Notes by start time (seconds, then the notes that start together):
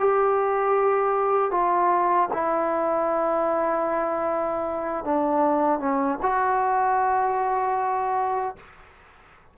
0.00 G4
1.52 F4
2.33 E4
5.05 D4
5.80 C#4
6.23 F#4